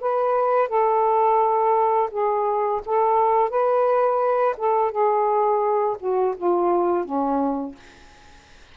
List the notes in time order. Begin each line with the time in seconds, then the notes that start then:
0.00 B4
0.68 A4
2.10 G#4
2.85 A4
3.49 B4
4.57 A4
4.91 G#4
5.99 F#4
6.37 F4
7.04 C#4